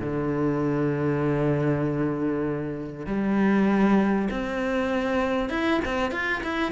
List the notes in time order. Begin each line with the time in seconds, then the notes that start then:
0.00 D3
3.06 G3
4.31 C4
5.49 E4
5.85 C4
6.11 F4
6.43 E4